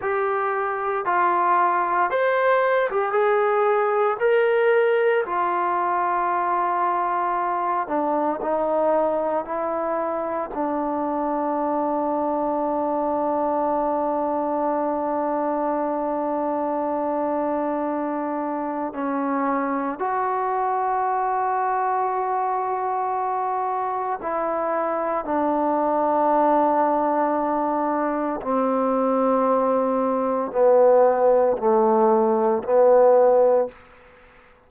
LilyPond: \new Staff \with { instrumentName = "trombone" } { \time 4/4 \tempo 4 = 57 g'4 f'4 c''8. g'16 gis'4 | ais'4 f'2~ f'8 d'8 | dis'4 e'4 d'2~ | d'1~ |
d'2 cis'4 fis'4~ | fis'2. e'4 | d'2. c'4~ | c'4 b4 a4 b4 | }